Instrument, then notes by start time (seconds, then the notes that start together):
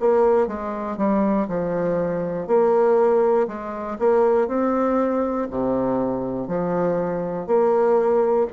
bassoon
0.00 A#3
0.47 G#3
0.97 G3
1.49 F3
2.48 A#3
3.48 G#3
3.99 A#3
4.48 C4
5.50 C3
6.48 F3
7.47 A#3